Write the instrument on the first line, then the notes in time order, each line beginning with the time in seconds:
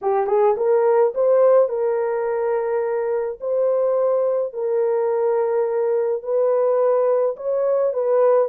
horn
0.01 G4
0.27 G#4
0.57 A#4
1.14 C5
1.68 A#4
3.40 C5
4.53 A#4
6.22 B4
7.36 C#5
7.93 B4